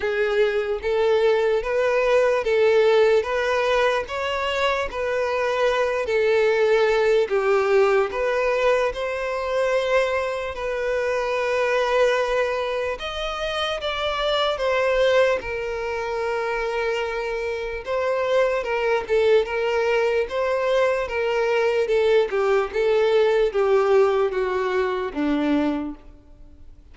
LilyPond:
\new Staff \with { instrumentName = "violin" } { \time 4/4 \tempo 4 = 74 gis'4 a'4 b'4 a'4 | b'4 cis''4 b'4. a'8~ | a'4 g'4 b'4 c''4~ | c''4 b'2. |
dis''4 d''4 c''4 ais'4~ | ais'2 c''4 ais'8 a'8 | ais'4 c''4 ais'4 a'8 g'8 | a'4 g'4 fis'4 d'4 | }